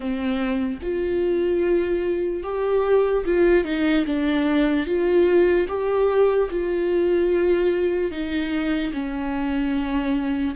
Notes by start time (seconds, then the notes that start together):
0.00 C4
0.82 F4
2.43 G4
3.25 F4
3.64 D#4
4.05 D4
4.86 F4
5.68 G4
6.50 F4
8.11 D#4
8.93 C#4